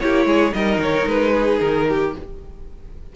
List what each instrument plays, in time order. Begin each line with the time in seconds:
0.00 cello A#3, viola E4, violin G4 C#5
0.25 cello G#3, violin G#4
0.52 cello G3, viola D#4, violin A#4 D#5
0.78 cello D#3, violin C#5
1.06 cello G#3, violin B4
1.33 violin G#4
1.59 cello D#3, violin A#4
1.89 violin G4